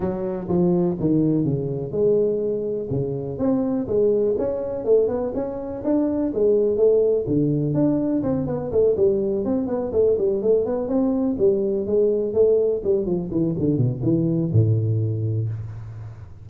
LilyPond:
\new Staff \with { instrumentName = "tuba" } { \time 4/4 \tempo 4 = 124 fis4 f4 dis4 cis4 | gis2 cis4 c'4 | gis4 cis'4 a8 b8 cis'4 | d'4 gis4 a4 d4 |
d'4 c'8 b8 a8 g4 c'8 | b8 a8 g8 a8 b8 c'4 g8~ | g8 gis4 a4 g8 f8 e8 | d8 b,8 e4 a,2 | }